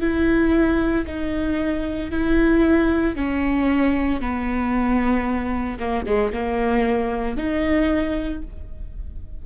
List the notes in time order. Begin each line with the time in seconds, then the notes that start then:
0.00 E4
1.06 D#4
2.11 E4
3.15 C#4
4.21 B3
5.79 A#3
6.06 G#3
6.33 A#3
7.36 D#4